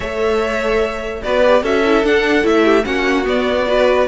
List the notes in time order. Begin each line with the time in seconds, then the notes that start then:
0.00 A3 A4 C#5 E5
1.22 B3 F#4 B4 D5
1.42 G4
1.62 C#4 F#4 A4 E5
1.84 E4
2.04 D4 F#5
2.42 A3 E4 E5
2.64 G4
2.83 A#3 C#4 F#4 F#5
3.24 B3 D5
3.67 F#4 B4